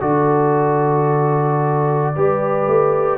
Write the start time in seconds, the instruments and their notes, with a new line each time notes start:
0.00 tuba D3, trombone F#4, horn A4, trumpet D5
2.15 tuba G3, trombone G4, horn B4
2.67 tuba A3